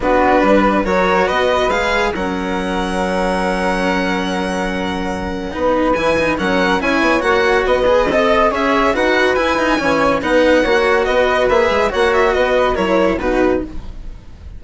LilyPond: <<
  \new Staff \with { instrumentName = "violin" } { \time 4/4 \tempo 4 = 141 b'2 cis''4 dis''4 | f''4 fis''2.~ | fis''1~ | fis''2 gis''4 fis''4 |
gis''4 fis''4 dis''2 | e''4 fis''4 gis''2 | fis''2 dis''4 e''4 | fis''8 e''8 dis''4 cis''4 b'4 | }
  \new Staff \with { instrumentName = "flute" } { \time 4/4 fis'4 b'4 ais'4 b'4~ | b'4 ais'2.~ | ais'1~ | ais'4 b'2 ais'4 |
cis''2 b'4 dis''4 | cis''4 b'2 cis''4 | b'4 cis''4 b'2 | cis''4 b'4 ais'4 fis'4 | }
  \new Staff \with { instrumentName = "cello" } { \time 4/4 d'2 fis'2 | gis'4 cis'2.~ | cis'1~ | cis'4 dis'4 e'8 dis'8 cis'4 |
e'4 fis'4. gis'8 a'4 | gis'4 fis'4 e'8 dis'8 cis'4 | dis'4 fis'2 gis'4 | fis'2 e'4 dis'4 | }
  \new Staff \with { instrumentName = "bassoon" } { \time 4/4 b4 g4 fis4 b4 | gis4 fis2.~ | fis1~ | fis4 b4 e4 fis4 |
cis'8 b8 ais4 b4 c'4 | cis'4 dis'4 e'4 e4 | b4 ais4 b4 ais8 gis8 | ais4 b4 fis4 b,4 | }
>>